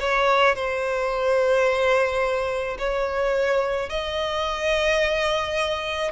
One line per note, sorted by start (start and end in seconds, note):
0.00 0.56 C#5
0.56 2.78 C5
2.78 3.89 C#5
3.89 6.12 D#5